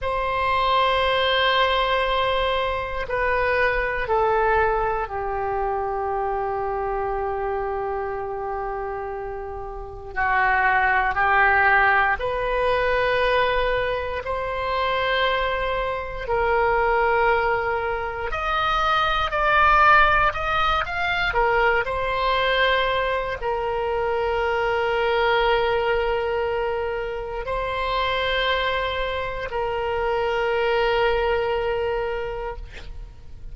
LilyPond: \new Staff \with { instrumentName = "oboe" } { \time 4/4 \tempo 4 = 59 c''2. b'4 | a'4 g'2.~ | g'2 fis'4 g'4 | b'2 c''2 |
ais'2 dis''4 d''4 | dis''8 f''8 ais'8 c''4. ais'4~ | ais'2. c''4~ | c''4 ais'2. | }